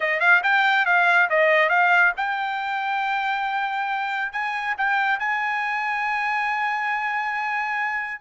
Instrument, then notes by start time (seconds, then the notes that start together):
trumpet
0.00 D#5
0.20 F5
0.43 G5
0.85 F5
1.29 D#5
1.69 F5
2.17 G5
4.32 G#5
4.77 G5
5.19 G#5